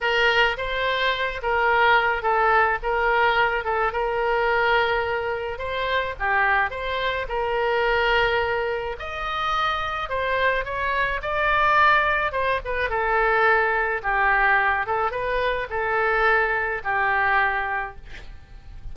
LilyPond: \new Staff \with { instrumentName = "oboe" } { \time 4/4 \tempo 4 = 107 ais'4 c''4. ais'4. | a'4 ais'4. a'8 ais'4~ | ais'2 c''4 g'4 | c''4 ais'2. |
dis''2 c''4 cis''4 | d''2 c''8 b'8 a'4~ | a'4 g'4. a'8 b'4 | a'2 g'2 | }